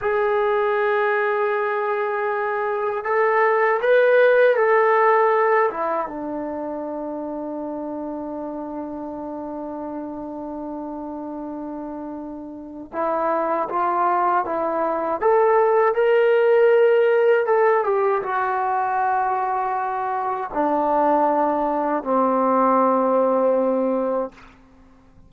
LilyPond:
\new Staff \with { instrumentName = "trombone" } { \time 4/4 \tempo 4 = 79 gis'1 | a'4 b'4 a'4. e'8 | d'1~ | d'1~ |
d'4 e'4 f'4 e'4 | a'4 ais'2 a'8 g'8 | fis'2. d'4~ | d'4 c'2. | }